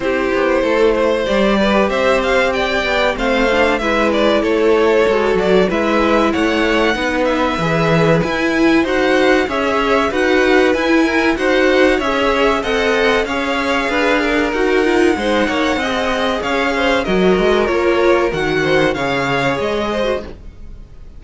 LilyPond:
<<
  \new Staff \with { instrumentName = "violin" } { \time 4/4 \tempo 4 = 95 c''2 d''4 e''8 f''8 | g''4 f''4 e''8 d''8 cis''4~ | cis''8 d''8 e''4 fis''4. e''8~ | e''4 gis''4 fis''4 e''4 |
fis''4 gis''4 fis''4 e''4 | fis''4 f''2 fis''4~ | fis''2 f''4 dis''4 | cis''4 fis''4 f''4 dis''4 | }
  \new Staff \with { instrumentName = "violin" } { \time 4/4 g'4 a'8 c''4 b'8 c''4 | d''4 c''4 b'4 a'4~ | a'4 b'4 cis''4 b'4~ | b'2 c''4 cis''4 |
b'4. ais'8 c''4 cis''4 | dis''4 cis''4 b'8 ais'4. | c''8 cis''8 dis''4 cis''8 c''8 ais'4~ | ais'4. c''8 cis''4. c''8 | }
  \new Staff \with { instrumentName = "viola" } { \time 4/4 e'2 g'2~ | g'4 c'8 d'8 e'2 | fis'4 e'2 dis'4 | gis'4 e'4 fis'4 gis'4 |
fis'4 e'4 fis'4 gis'4 | a'4 gis'2 fis'8 f'8 | dis'4 gis'2 fis'4 | f'4 fis'4 gis'4.~ gis'16 fis'16 | }
  \new Staff \with { instrumentName = "cello" } { \time 4/4 c'8 b8 a4 g4 c'4~ | c'8 b8 a4 gis4 a4 | gis8 fis8 gis4 a4 b4 | e4 e'4 dis'4 cis'4 |
dis'4 e'4 dis'4 cis'4 | c'4 cis'4 d'4 dis'4 | gis8 ais8 c'4 cis'4 fis8 gis8 | ais4 dis4 cis4 gis4 | }
>>